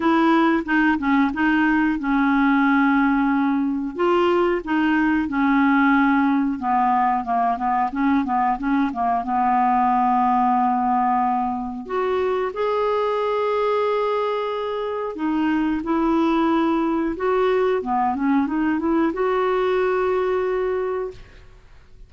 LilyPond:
\new Staff \with { instrumentName = "clarinet" } { \time 4/4 \tempo 4 = 91 e'4 dis'8 cis'8 dis'4 cis'4~ | cis'2 f'4 dis'4 | cis'2 b4 ais8 b8 | cis'8 b8 cis'8 ais8 b2~ |
b2 fis'4 gis'4~ | gis'2. dis'4 | e'2 fis'4 b8 cis'8 | dis'8 e'8 fis'2. | }